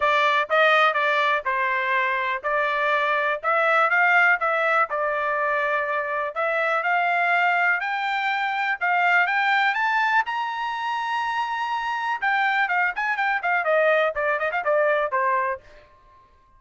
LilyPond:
\new Staff \with { instrumentName = "trumpet" } { \time 4/4 \tempo 4 = 123 d''4 dis''4 d''4 c''4~ | c''4 d''2 e''4 | f''4 e''4 d''2~ | d''4 e''4 f''2 |
g''2 f''4 g''4 | a''4 ais''2.~ | ais''4 g''4 f''8 gis''8 g''8 f''8 | dis''4 d''8 dis''16 f''16 d''4 c''4 | }